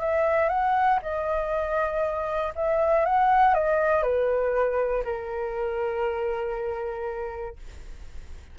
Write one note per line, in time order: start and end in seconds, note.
0.00 0.49 E5
0.49 0.99 F#5
1.02 2.53 D#5
2.56 3.05 E5
3.05 3.54 F#5
3.54 4.03 D#5
4.03 5.04 B4
5.04 7.57 A#4